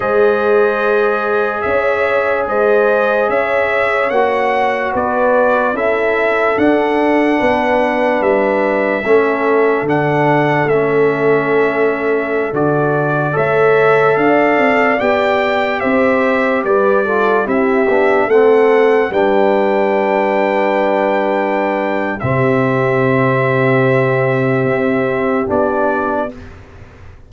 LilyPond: <<
  \new Staff \with { instrumentName = "trumpet" } { \time 4/4 \tempo 4 = 73 dis''2 e''4 dis''4 | e''4 fis''4 d''4 e''4 | fis''2 e''2 | fis''4 e''2~ e''16 d''8.~ |
d''16 e''4 f''4 g''4 e''8.~ | e''16 d''4 e''4 fis''4 g''8.~ | g''2. e''4~ | e''2. d''4 | }
  \new Staff \with { instrumentName = "horn" } { \time 4/4 c''2 cis''4 c''4 | cis''2 b'4 a'4~ | a'4 b'2 a'4~ | a'1~ |
a'16 cis''4 d''2 c''8.~ | c''16 b'8 a'8 g'4 a'4 b'8.~ | b'2. g'4~ | g'1 | }
  \new Staff \with { instrumentName = "trombone" } { \time 4/4 gis'1~ | gis'4 fis'2 e'4 | d'2. cis'4 | d'4 cis'2~ cis'16 fis'8.~ |
fis'16 a'2 g'4.~ g'16~ | g'8. f'8 e'8 d'8 c'4 d'8.~ | d'2. c'4~ | c'2. d'4 | }
  \new Staff \with { instrumentName = "tuba" } { \time 4/4 gis2 cis'4 gis4 | cis'4 ais4 b4 cis'4 | d'4 b4 g4 a4 | d4 a2~ a16 d8.~ |
d16 a4 d'8 c'8 b4 c'8.~ | c'16 g4 c'8 b8 a4 g8.~ | g2. c4~ | c2 c'4 b4 | }
>>